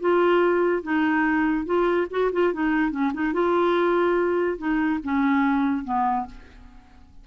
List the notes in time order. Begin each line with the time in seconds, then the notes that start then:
0.00 F4
0.83 D#4
1.66 F4
2.11 F#4
2.32 F4
2.53 D#4
2.92 C#4
3.14 D#4
3.33 F4
4.58 D#4
5.04 C#4
5.84 B3